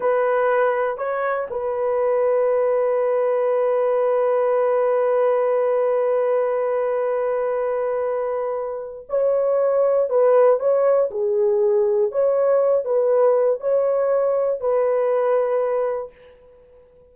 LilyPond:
\new Staff \with { instrumentName = "horn" } { \time 4/4 \tempo 4 = 119 b'2 cis''4 b'4~ | b'1~ | b'1~ | b'1~ |
b'2 cis''2 | b'4 cis''4 gis'2 | cis''4. b'4. cis''4~ | cis''4 b'2. | }